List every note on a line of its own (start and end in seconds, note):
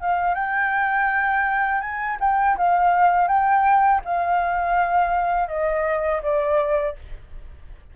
0.00 0.35 F5
0.35 1.81 G5
1.81 2.18 G#5
2.20 2.56 G5
2.57 3.28 F5
3.28 4.01 G5
4.05 5.48 F5
5.48 6.21 D#5
6.23 6.96 D5